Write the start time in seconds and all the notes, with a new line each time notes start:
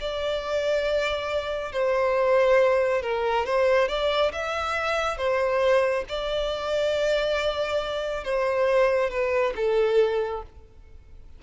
0.00 D5
1.72 C5
3.02 A#4
3.46 C5
3.88 D5
4.32 E5
5.17 C5
6.08 D5
8.24 C5
9.10 B4
9.56 A4